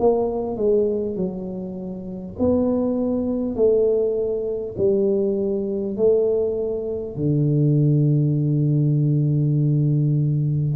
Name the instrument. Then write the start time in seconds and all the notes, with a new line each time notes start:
tuba
0.00 A#3
0.57 G#3
1.17 F#3
2.39 B3
3.56 A3
4.78 G3
5.97 A3
7.16 D3